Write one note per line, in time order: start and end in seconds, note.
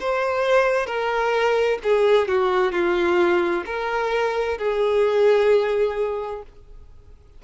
0.00 0.86 C5
0.86 1.79 A#4
1.83 2.28 G#4
2.28 2.72 F#4
2.72 3.64 F4
3.66 4.58 A#4
4.58 6.42 G#4